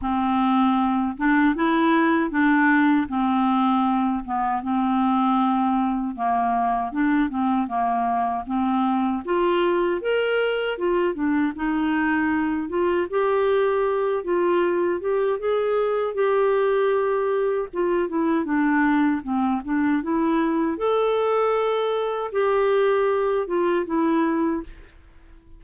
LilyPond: \new Staff \with { instrumentName = "clarinet" } { \time 4/4 \tempo 4 = 78 c'4. d'8 e'4 d'4 | c'4. b8 c'2 | ais4 d'8 c'8 ais4 c'4 | f'4 ais'4 f'8 d'8 dis'4~ |
dis'8 f'8 g'4. f'4 g'8 | gis'4 g'2 f'8 e'8 | d'4 c'8 d'8 e'4 a'4~ | a'4 g'4. f'8 e'4 | }